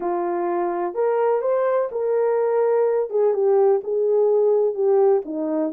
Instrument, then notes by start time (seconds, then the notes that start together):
horn
0.00 F4
0.94 A#4
1.41 C5
1.91 A#4
3.10 G#4
3.33 G4
3.83 G#4
4.74 G4
5.25 D#4